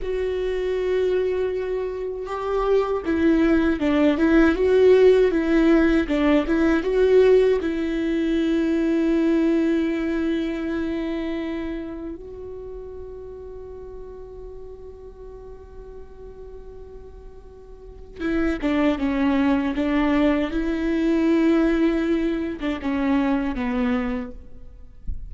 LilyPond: \new Staff \with { instrumentName = "viola" } { \time 4/4 \tempo 4 = 79 fis'2. g'4 | e'4 d'8 e'8 fis'4 e'4 | d'8 e'8 fis'4 e'2~ | e'1 |
fis'1~ | fis'1 | e'8 d'8 cis'4 d'4 e'4~ | e'4.~ e'16 d'16 cis'4 b4 | }